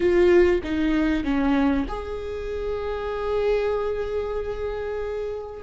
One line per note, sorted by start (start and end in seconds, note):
0.00 0.61 F4
0.63 1.23 D#4
1.23 1.86 C#4
1.88 5.62 G#4